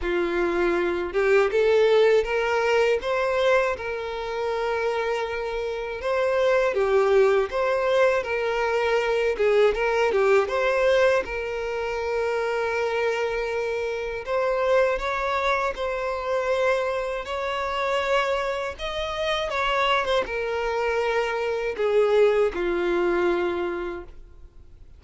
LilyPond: \new Staff \with { instrumentName = "violin" } { \time 4/4 \tempo 4 = 80 f'4. g'8 a'4 ais'4 | c''4 ais'2. | c''4 g'4 c''4 ais'4~ | ais'8 gis'8 ais'8 g'8 c''4 ais'4~ |
ais'2. c''4 | cis''4 c''2 cis''4~ | cis''4 dis''4 cis''8. c''16 ais'4~ | ais'4 gis'4 f'2 | }